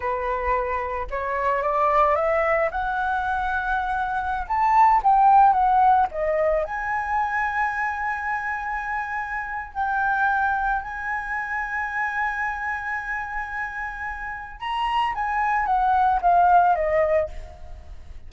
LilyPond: \new Staff \with { instrumentName = "flute" } { \time 4/4 \tempo 4 = 111 b'2 cis''4 d''4 | e''4 fis''2.~ | fis''16 a''4 g''4 fis''4 dis''8.~ | dis''16 gis''2.~ gis''8.~ |
gis''2 g''2 | gis''1~ | gis''2. ais''4 | gis''4 fis''4 f''4 dis''4 | }